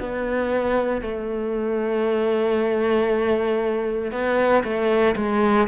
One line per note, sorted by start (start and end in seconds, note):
0.00 1.02 B3
1.02 4.11 A3
4.11 4.63 B3
4.64 5.15 A3
5.16 5.68 G#3